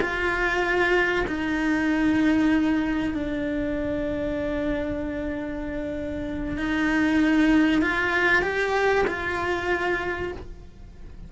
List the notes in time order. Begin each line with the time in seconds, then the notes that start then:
0.00 F4
1.27 D#4
3.14 D4
6.57 D#4
7.81 F4
8.42 G4
9.07 F4